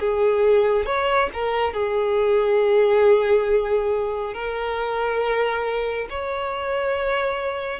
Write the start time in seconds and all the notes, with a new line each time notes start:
0.00 G#4
0.86 C#5
1.33 A#4
1.74 G#4
4.34 A#4
6.10 C#5